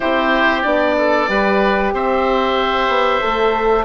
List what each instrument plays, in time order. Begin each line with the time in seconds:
0.00 bassoon C4, horn E4, oboe G4 C5
0.62 bassoon B3, horn D4, oboe D5
0.97 oboe A4
1.27 bassoon G3, horn G4, oboe B4
1.92 bassoon C4, oboe C5 E5
2.88 bassoon B3
3.21 bassoon A3, horn A4